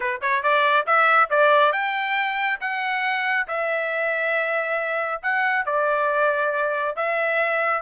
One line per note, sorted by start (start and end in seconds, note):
0.00 0.20 B4
0.21 0.42 C#5
0.42 0.86 D5
0.86 1.29 E5
1.30 1.72 D5
1.72 2.59 G5
2.60 3.47 F#5
3.47 5.21 E5
5.22 5.65 F#5
5.65 6.95 D5
6.95 7.82 E5